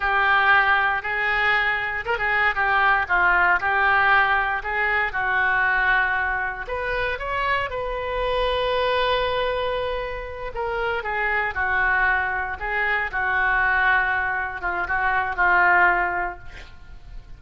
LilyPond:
\new Staff \with { instrumentName = "oboe" } { \time 4/4 \tempo 4 = 117 g'2 gis'2 | ais'16 gis'8. g'4 f'4 g'4~ | g'4 gis'4 fis'2~ | fis'4 b'4 cis''4 b'4~ |
b'1~ | b'8 ais'4 gis'4 fis'4.~ | fis'8 gis'4 fis'2~ fis'8~ | fis'8 f'8 fis'4 f'2 | }